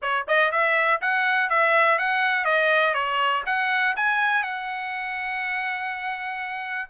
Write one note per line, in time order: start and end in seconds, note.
0.01 0.26 C#5
0.27 0.51 D#5
0.51 1.00 E5
1.01 1.49 F#5
1.49 1.98 E5
1.98 2.44 F#5
2.44 2.94 D#5
2.94 3.43 C#5
3.46 3.95 F#5
3.96 4.43 G#5
4.43 6.89 F#5